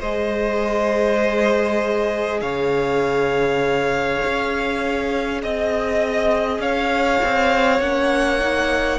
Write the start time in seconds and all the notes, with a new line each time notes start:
0.00 G#3 G#4 C5 D#5
2.41 C#3 C#5 F5
4.26 C#4
5.42 C4 D#5
6.59 C#4 C#5 F5
7.24 C4
7.80 A#3 C#4 F#5
8.40 D#4